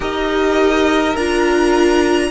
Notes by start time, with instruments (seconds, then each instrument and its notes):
0.00 cello D#4, viola G4, violin A#4 D#5
1.15 cello D4, viola F4, violin A#5